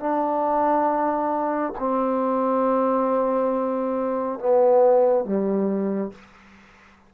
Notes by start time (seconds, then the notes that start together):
0.00 D4
1.79 C4
4.40 B3
5.25 G3